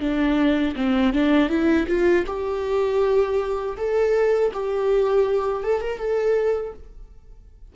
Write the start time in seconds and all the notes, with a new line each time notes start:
0.00 D4
0.76 C4
1.13 D4
1.49 E4
1.88 F4
2.26 G4
3.77 A4
4.53 G4
5.63 A4
5.81 A#4
5.98 A4